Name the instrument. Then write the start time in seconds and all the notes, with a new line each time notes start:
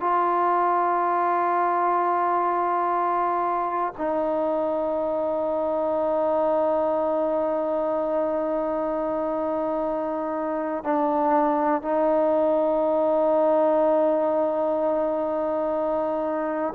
trombone
0.00 F4
3.97 D#4
10.84 D4
11.82 D#4